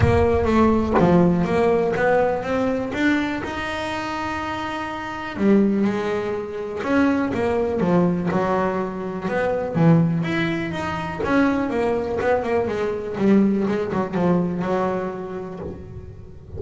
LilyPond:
\new Staff \with { instrumentName = "double bass" } { \time 4/4 \tempo 4 = 123 ais4 a4 f4 ais4 | b4 c'4 d'4 dis'4~ | dis'2. g4 | gis2 cis'4 ais4 |
f4 fis2 b4 | e4 e'4 dis'4 cis'4 | ais4 b8 ais8 gis4 g4 | gis8 fis8 f4 fis2 | }